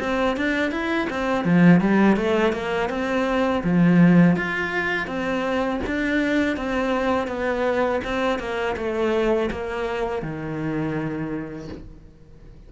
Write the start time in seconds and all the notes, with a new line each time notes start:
0.00 C4
0.37 D4
0.71 E4
1.10 C4
1.45 F3
1.80 G3
2.17 A3
2.52 A#3
2.89 C4
3.64 F3
4.36 F4
5.07 C4
5.87 D4
6.57 C4
7.27 B3
8.04 C4
8.39 A#3
8.76 A3
9.51 A#3
10.22 D#3